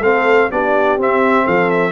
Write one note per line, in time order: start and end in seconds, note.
0.00 0.48 A3
0.00 0.51 C4
0.00 0.51 A4
0.00 0.51 F5
0.51 0.98 B3
0.51 0.99 D4
0.51 1.45 G4
0.51 1.00 D5
0.98 1.46 C4
0.98 1.93 C4
0.98 1.47 E5
1.45 1.93 F3
1.45 1.93 A4
1.45 1.71 F5
1.71 1.93 E5